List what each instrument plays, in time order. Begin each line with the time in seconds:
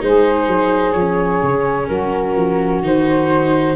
0.00 tuba G#3, viola D#4, saxophone G#4, flute C5
0.48 tuba F#3
0.92 tuba F3, flute C#5
1.00 viola C#4
1.43 tuba C#3
1.88 tuba F#3, saxophone F#4, flute A#4
2.36 tuba F3
2.82 tuba D#3, viola D#4, flute C5